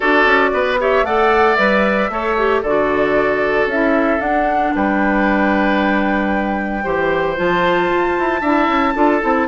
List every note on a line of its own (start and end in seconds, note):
0.00 0.25 D4
0.00 0.78 F#4
0.00 0.50 A4
0.00 0.77 D5
0.25 0.52 C#4
0.53 1.03 B3
0.53 0.79 B4
0.79 1.05 G4
0.79 1.05 C#5
0.79 1.05 E5
1.03 1.55 A3
1.03 1.57 A4
1.03 2.10 D5
1.03 1.55 F#5
1.55 2.09 G3
1.55 2.10 B4
1.55 2.61 E5
2.09 2.62 A3
2.09 2.37 A4
2.09 2.62 C#5
2.37 2.64 G4
2.62 3.65 D3
2.62 3.71 F#4
2.62 4.72 A4
2.62 3.67 D5
3.65 4.18 C#4
3.65 4.19 E4
3.65 4.20 E5
4.19 6.82 D4
4.19 4.72 D4
4.19 4.73 F#5
4.74 6.85 G3
4.74 6.83 B4
4.74 7.38 G5
6.83 7.37 E3
6.83 7.35 G4
6.83 8.40 C5
7.35 7.90 F3
7.35 8.41 F4
7.35 9.47 A5
7.90 8.16 F4
8.19 8.41 E4
8.40 8.67 D4
8.40 8.94 E4
8.40 8.93 E5
8.67 8.94 C#4
8.94 9.22 D4
8.94 9.20 F4
8.94 9.47 A4
9.21 9.47 C4
9.21 9.47 E4